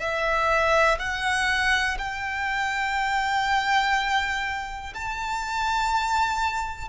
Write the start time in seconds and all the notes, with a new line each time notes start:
0.00 E5
0.99 F#5
1.99 G5
4.95 A5